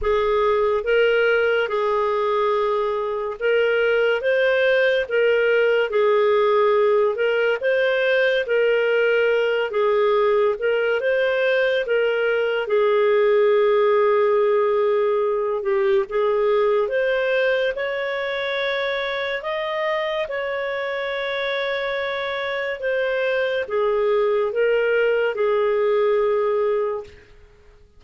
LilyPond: \new Staff \with { instrumentName = "clarinet" } { \time 4/4 \tempo 4 = 71 gis'4 ais'4 gis'2 | ais'4 c''4 ais'4 gis'4~ | gis'8 ais'8 c''4 ais'4. gis'8~ | gis'8 ais'8 c''4 ais'4 gis'4~ |
gis'2~ gis'8 g'8 gis'4 | c''4 cis''2 dis''4 | cis''2. c''4 | gis'4 ais'4 gis'2 | }